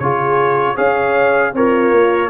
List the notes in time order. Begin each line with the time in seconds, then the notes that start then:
0.00 C#3 F4 G#4 C#5
0.75 C#4 G#4 C#5 F5
1.54 C4 F4 A#4 C#5
1.92 A#3